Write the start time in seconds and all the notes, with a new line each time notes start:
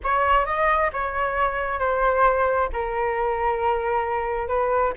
0.03 C#5
0.45 D#5
0.92 C#5
1.79 C5
2.72 A#4
4.48 B4